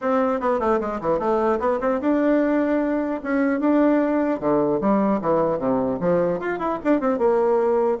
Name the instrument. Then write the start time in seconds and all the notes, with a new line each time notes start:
bassoon
0.01 C4
0.40 B3
0.59 A3
0.80 G#3
1.01 E3
1.19 A3
1.59 B3
1.80 C4
2.01 D4
3.23 C#4
3.60 D4
4.40 D3
4.81 G3
5.21 E3
5.58 C3
6.00 F3
6.39 F4
6.59 E4
6.84 D4
7.00 C4
7.18 A#3